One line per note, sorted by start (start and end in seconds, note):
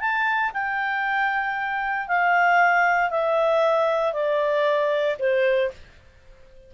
0.00 0.52 A5
0.54 2.08 G5
2.08 3.10 F5
3.10 4.13 E5
4.13 5.17 D5
5.19 5.71 C5